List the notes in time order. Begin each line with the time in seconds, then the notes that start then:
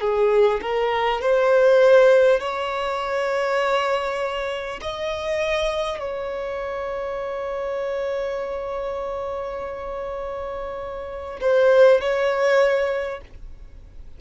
0.00 G#4
0.61 A#4
1.21 C5
2.39 C#5
4.81 D#5
5.99 C#5
11.40 C5
12.00 C#5